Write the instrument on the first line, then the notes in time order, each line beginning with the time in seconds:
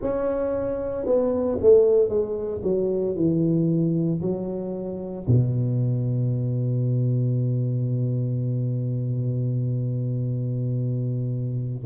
tuba
0.01 C#4
1.05 B3
1.61 A3
2.09 G#3
2.63 F#3
3.15 E3
4.21 F#3
5.27 B2